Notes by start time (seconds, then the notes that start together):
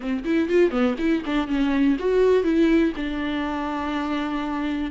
0.00 C4
0.24 E4
0.49 F4
0.70 B3
0.98 E4
1.25 D4
1.47 C#4
1.99 F#4
2.43 E4
2.96 D4